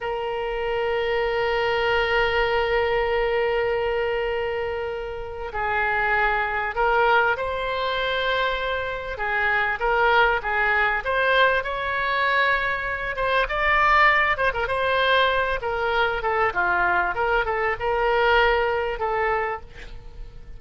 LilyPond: \new Staff \with { instrumentName = "oboe" } { \time 4/4 \tempo 4 = 98 ais'1~ | ais'1~ | ais'4 gis'2 ais'4 | c''2. gis'4 |
ais'4 gis'4 c''4 cis''4~ | cis''4. c''8 d''4. c''16 ais'16 | c''4. ais'4 a'8 f'4 | ais'8 a'8 ais'2 a'4 | }